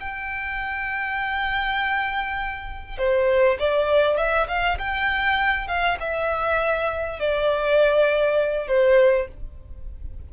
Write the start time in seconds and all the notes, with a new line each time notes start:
0.00 G5
2.98 C5
3.59 D5
4.17 E5
4.48 F5
4.78 G5
5.68 F5
6.00 E5
7.19 D5
8.68 C5